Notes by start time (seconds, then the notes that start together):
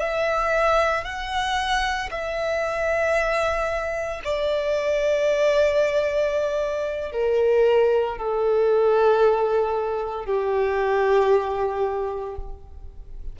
0.00 E5
1.04 F#5
2.11 E5
4.24 D5
7.12 A#4
8.17 A4
10.25 G4